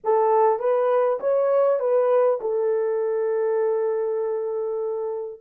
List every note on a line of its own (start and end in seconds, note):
0.04 0.59 A4
0.59 1.19 B4
1.20 1.79 C#5
1.79 2.39 B4
2.40 5.40 A4